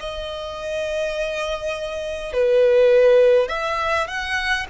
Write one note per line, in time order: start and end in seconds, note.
0.00 2.33 D#5
2.33 3.48 B4
3.48 4.07 E5
4.07 4.66 F#5